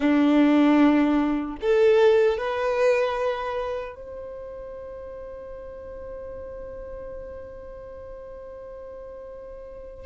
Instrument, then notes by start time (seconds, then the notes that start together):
violin
0.00 D4
1.61 A4
2.37 B4
3.95 C5